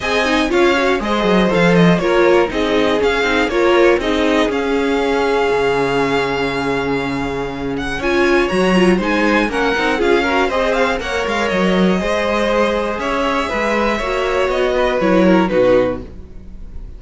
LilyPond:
<<
  \new Staff \with { instrumentName = "violin" } { \time 4/4 \tempo 4 = 120 gis''4 f''4 dis''4 f''8 dis''8 | cis''4 dis''4 f''4 cis''4 | dis''4 f''2.~ | f''2.~ f''8 fis''8 |
gis''4 ais''4 gis''4 fis''4 | f''4 dis''8 f''8 fis''8 f''8 dis''4~ | dis''2 e''2~ | e''4 dis''4 cis''4 b'4 | }
  \new Staff \with { instrumentName = "violin" } { \time 4/4 dis''4 cis''4 c''2 | ais'4 gis'2 ais'4 | gis'1~ | gis'1 |
cis''2 c''4 ais'4 | gis'8 ais'8 c''4 cis''2 | c''2 cis''4 b'4 | cis''4. b'4 ais'8 fis'4 | }
  \new Staff \with { instrumentName = "viola" } { \time 4/4 gis'8 dis'8 f'8 fis'8 gis'4 a'4 | f'4 dis'4 cis'8 dis'8 f'4 | dis'4 cis'2.~ | cis'1 |
f'4 fis'8 f'8 dis'4 cis'8 dis'8 | f'8 fis'8 gis'4 ais'2 | gis'1 | fis'2 e'4 dis'4 | }
  \new Staff \with { instrumentName = "cello" } { \time 4/4 c'4 cis'4 gis8 fis8 f4 | ais4 c'4 cis'8 c'8 ais4 | c'4 cis'2 cis4~ | cis1 |
cis'4 fis4 gis4 ais8 c'8 | cis'4 c'4 ais8 gis8 fis4 | gis2 cis'4 gis4 | ais4 b4 fis4 b,4 | }
>>